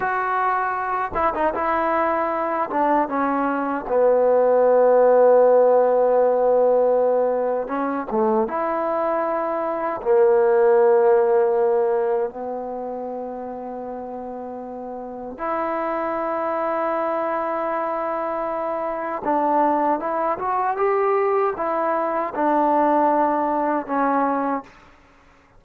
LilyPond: \new Staff \with { instrumentName = "trombone" } { \time 4/4 \tempo 4 = 78 fis'4. e'16 dis'16 e'4. d'8 | cis'4 b2.~ | b2 cis'8 a8 e'4~ | e'4 ais2. |
b1 | e'1~ | e'4 d'4 e'8 fis'8 g'4 | e'4 d'2 cis'4 | }